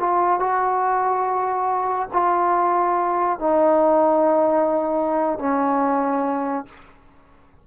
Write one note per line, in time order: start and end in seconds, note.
0.00 0.40 F4
0.40 2.09 F#4
2.13 3.40 F4
3.40 5.39 D#4
5.39 6.66 C#4